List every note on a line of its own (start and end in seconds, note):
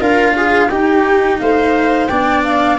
0.00 0.70 D4
0.00 0.69 F4
0.00 0.35 A#4
0.00 0.69 F5
0.36 0.70 G#4
0.69 2.09 D#4
0.69 1.40 D#4
0.69 1.39 G4
0.69 1.38 G5
1.39 2.09 A3
1.39 2.09 C5
1.39 2.07 F5
2.07 2.79 B3
2.07 2.79 D4
2.07 2.78 D5
2.07 2.41 G5
2.44 2.78 F5